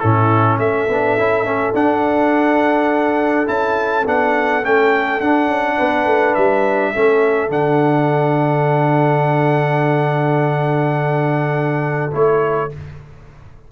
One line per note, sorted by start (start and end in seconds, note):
0.00 0.58 A2
0.00 0.90 C#4
0.00 0.60 E4
0.00 0.58 A4
0.58 0.87 A3
0.58 5.76 A4
0.58 1.75 E5
0.89 1.17 B3
0.89 1.19 D4
1.18 1.43 C#4
1.18 1.45 E4
1.43 1.72 A3
1.43 1.73 C#4
1.74 3.47 D4
1.74 3.46 D4
1.74 3.48 F#5
3.46 4.06 C#4
3.46 4.04 E4
3.46 4.06 A5
4.06 4.64 B3
4.06 4.63 D4
4.06 4.65 F#5
4.63 5.20 A3
4.63 5.21 C#4
4.63 5.21 G5
5.20 5.48 D4
5.20 6.94 D4
5.20 6.35 F#5
5.48 5.76 C#4
5.76 6.06 B3
5.76 6.92 B4
6.06 6.34 A3
6.35 6.95 G3
6.35 7.50 E5
6.93 7.49 A3
6.93 7.49 C#4
6.93 12.70 A4
7.49 12.11 D3
7.49 12.11 D4
7.49 12.13 F#5
12.12 12.72 A3
12.12 12.70 E4
12.12 12.72 C#5